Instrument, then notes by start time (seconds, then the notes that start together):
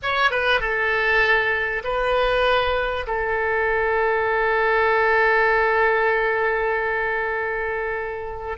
oboe
0.02 C#5
0.31 B4
0.60 A4
1.84 B4
3.06 A4